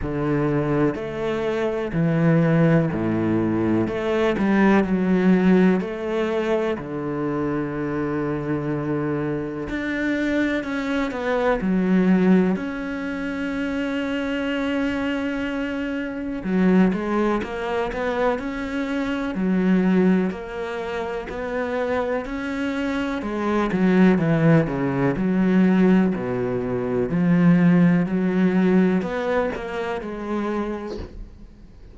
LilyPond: \new Staff \with { instrumentName = "cello" } { \time 4/4 \tempo 4 = 62 d4 a4 e4 a,4 | a8 g8 fis4 a4 d4~ | d2 d'4 cis'8 b8 | fis4 cis'2.~ |
cis'4 fis8 gis8 ais8 b8 cis'4 | fis4 ais4 b4 cis'4 | gis8 fis8 e8 cis8 fis4 b,4 | f4 fis4 b8 ais8 gis4 | }